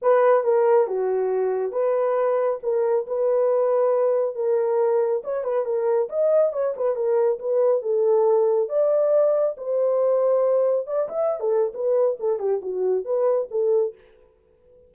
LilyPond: \new Staff \with { instrumentName = "horn" } { \time 4/4 \tempo 4 = 138 b'4 ais'4 fis'2 | b'2 ais'4 b'4~ | b'2 ais'2 | cis''8 b'8 ais'4 dis''4 cis''8 b'8 |
ais'4 b'4 a'2 | d''2 c''2~ | c''4 d''8 e''8. a'8. b'4 | a'8 g'8 fis'4 b'4 a'4 | }